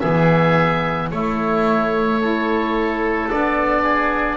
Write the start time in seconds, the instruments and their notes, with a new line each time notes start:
0.00 double bass E3, saxophone B3, oboe G#4 E5
1.11 double bass A3, saxophone A3, oboe E4 C#5
2.20 saxophone E4, oboe A4
3.30 double bass B3, saxophone D4, oboe D5
3.83 oboe G#4